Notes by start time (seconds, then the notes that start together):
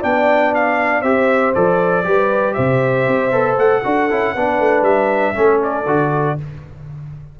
0.00 B3 D4 D5 G5
0.55 F5
1.02 C4 G4 C5 E5
1.55 F3 A4 D5
2.04 G3 G4 B4
2.54 C3 C5 E5
3.07 C4
3.31 B3 A4
3.57 A3 F#5
3.84 D4 F#4 A4
4.11 C#4 E4
4.34 B3 D4 B4
4.60 A3
4.82 G3 E5
5.35 A3 C#4 A4
5.63 D5
5.87 D3 F#4